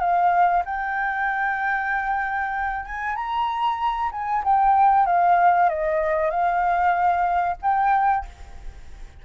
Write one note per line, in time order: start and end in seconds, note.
0.00 0.63 F5
0.65 2.86 G5
2.86 3.16 G#5
3.16 4.11 A#5
4.11 4.43 G#5
4.44 5.06 G5
5.06 5.69 F5
5.69 6.30 D#5
6.30 7.56 F5
7.62 8.25 G5